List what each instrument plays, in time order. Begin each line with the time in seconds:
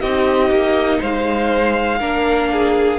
0.00 cello C4, viola D#4, violin G4 D#5
0.50 cello A#3
0.99 cello G#3, violin C5 F5
1.99 cello A#3, viola D4, violin A#4
2.52 violin G#4